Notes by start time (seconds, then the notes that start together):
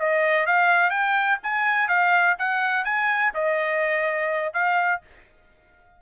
0.00 D#5
0.47 F5
0.91 G5
1.43 G#5
1.89 F5
2.39 F#5
2.85 G#5
3.35 D#5
4.54 F5